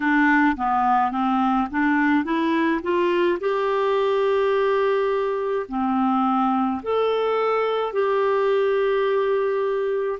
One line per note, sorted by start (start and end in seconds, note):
0.00 0.56 D4
0.56 1.11 B3
1.11 1.67 C4
1.70 2.24 D4
2.24 2.80 E4
2.82 3.39 F4
3.40 5.66 G4
5.68 6.81 C4
6.82 7.92 A4
7.92 10.19 G4